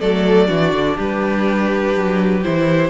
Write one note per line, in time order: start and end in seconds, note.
0.00 0.49 F#3
0.00 0.47 A3
0.00 0.47 A4
0.00 0.98 D5
0.47 0.73 E3
0.47 2.42 D4
0.47 0.96 F#4
0.73 0.97 D3
0.96 1.95 G3
0.96 2.90 G4
0.96 2.44 B4
1.96 2.45 F#3
2.43 2.90 E3
2.43 2.90 E4
2.43 2.90 C5